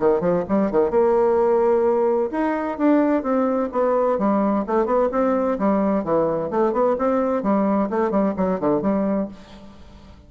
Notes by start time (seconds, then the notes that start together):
0.00 D#3
0.21 F3
0.49 G3
0.72 D#3
0.91 A#3
2.32 D#4
2.78 D4
3.23 C4
3.73 B3
4.19 G3
4.67 A3
4.86 B3
5.12 C4
5.59 G3
6.05 E3
6.51 A3
6.73 B3
6.99 C4
7.43 G3
7.90 A3
8.11 G3
8.37 F#3
8.60 D3
8.82 G3